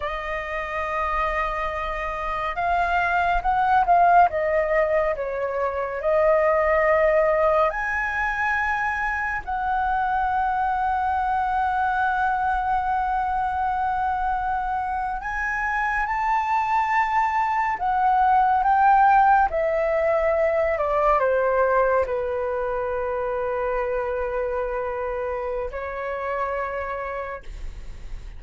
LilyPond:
\new Staff \with { instrumentName = "flute" } { \time 4/4 \tempo 4 = 70 dis''2. f''4 | fis''8 f''8 dis''4 cis''4 dis''4~ | dis''4 gis''2 fis''4~ | fis''1~ |
fis''4.~ fis''16 gis''4 a''4~ a''16~ | a''8. fis''4 g''4 e''4~ e''16~ | e''16 d''8 c''4 b'2~ b'16~ | b'2 cis''2 | }